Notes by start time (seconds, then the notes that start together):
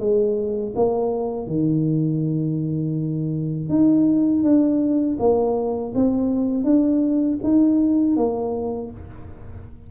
0.00 G#3
0.76 A#3
1.47 D#3
3.69 D#4
4.44 D4
5.20 A#3
5.95 C4
6.64 D4
7.43 D#4
8.17 A#3